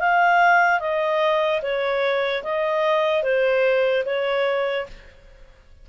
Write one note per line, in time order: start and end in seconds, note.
0.00 0.80 F5
0.80 1.61 D#5
1.62 2.43 C#5
2.43 3.23 D#5
3.23 4.04 C5
4.06 4.87 C#5